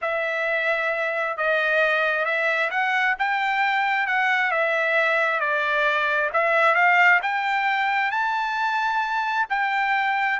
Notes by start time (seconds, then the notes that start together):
0.01 E5
1.37 D#5
2.25 E5
2.70 F#5
3.18 G5
4.06 F#5
4.51 E5
5.40 D5
6.33 E5
6.74 F5
7.22 G5
8.11 A5
9.49 G5